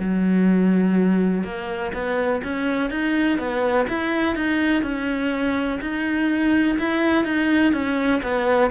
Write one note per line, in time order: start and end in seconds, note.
0.00 1.44 F#3
1.44 1.93 A#3
1.94 2.42 B3
2.44 2.90 C#4
2.90 3.39 D#4
3.39 3.87 B3
3.89 4.36 E4
4.36 4.83 D#4
4.83 5.80 C#4
5.82 6.78 D#4
6.79 7.25 E4
7.25 7.73 D#4
7.73 8.22 C#4
8.23 8.71 B3